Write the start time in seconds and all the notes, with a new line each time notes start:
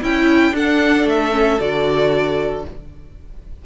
0.00 C#4 E4 G5
0.52 D4 A4 F#5
1.05 A3 E5
1.31 C#4
1.60 D3 F#4 D5